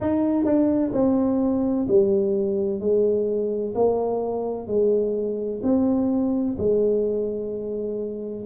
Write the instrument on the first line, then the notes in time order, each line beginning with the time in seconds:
tuba
0.00 D#4
0.44 D4
0.92 C4
1.87 G3
2.80 G#3
3.75 A#3
4.67 G#3
5.62 C4
6.58 G#3